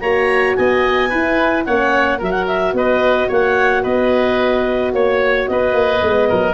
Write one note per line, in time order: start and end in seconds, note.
0.00 0.55 A#3
0.00 1.11 F#4
0.00 0.56 C#5
0.00 0.55 A#5
0.55 1.12 B3
0.55 1.09 D#5
0.55 1.64 G#5
1.09 1.65 E4
1.09 1.67 E4
1.09 1.64 B4
1.65 2.21 A#3
1.65 2.20 C#4
1.65 2.18 C#5
1.65 2.19 F#5
2.18 2.73 F#3
2.18 6.00 F#4
2.18 2.73 A#4
2.18 2.30 E5
2.30 2.44 F#5
2.47 2.74 E5
2.73 3.28 B3
2.73 3.28 B4
2.73 3.30 D#5
3.28 3.85 A#3
3.28 3.82 C#5
3.28 3.84 F#5
3.83 4.93 B3
3.83 4.92 B4
3.83 4.93 D#5
4.93 5.47 A#3
4.93 5.47 C#5
4.93 5.49 C#5
5.47 5.73 B3
5.47 6.29 B4
5.47 6.54 D#5
5.73 6.00 A#3
6.00 6.29 G#3
6.00 6.54 B3
6.29 6.54 F#3
6.29 6.54 A#4